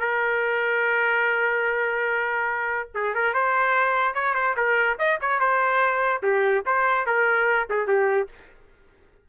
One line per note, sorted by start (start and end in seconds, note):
0.00 2.90 A#4
2.94 3.14 G#4
3.14 3.34 A#4
3.34 4.14 C5
4.14 4.35 C#5
4.35 4.56 C5
4.57 4.98 A#4
4.99 5.19 D#5
5.21 5.40 C#5
5.40 6.23 C5
6.23 6.64 G4
6.66 7.06 C5
7.06 7.69 A#4
7.70 7.87 G#4
7.87 8.29 G4